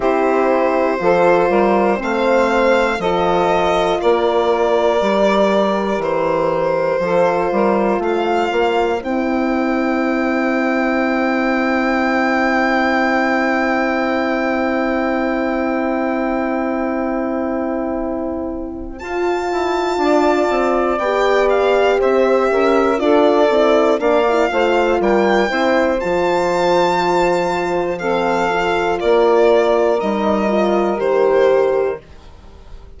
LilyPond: <<
  \new Staff \with { instrumentName = "violin" } { \time 4/4 \tempo 4 = 60 c''2 f''4 dis''4 | d''2 c''2 | f''4 g''2.~ | g''1~ |
g''2. a''4~ | a''4 g''8 f''8 e''4 d''4 | f''4 g''4 a''2 | f''4 d''4 dis''4 c''4 | }
  \new Staff \with { instrumentName = "saxophone" } { \time 4/4 g'4 a'8 ais'8 c''4 a'4 | ais'2. a'8 ais'8 | c''1~ | c''1~ |
c''1 | d''2 c''8 ais'8 a'4 | d''8 c''8 ais'8 c''2~ c''8 | a'4 ais'2. | }
  \new Staff \with { instrumentName = "horn" } { \time 4/4 e'4 f'4 c'4 f'4~ | f'4 g'2 f'4~ | f'4 e'2.~ | e'1~ |
e'2. f'4~ | f'4 g'2 f'8 e'8 | d'16 e'16 f'4 e'8 f'2 | c'8 f'4. dis'8 f'8 g'4 | }
  \new Staff \with { instrumentName = "bassoon" } { \time 4/4 c'4 f8 g8 a4 f4 | ais4 g4 e4 f8 g8 | a8 ais8 c'2.~ | c'1~ |
c'2. f'8 e'8 | d'8 c'8 b4 c'8 cis'8 d'8 c'8 | ais8 a8 g8 c'8 f2~ | f4 ais4 g4 dis4 | }
>>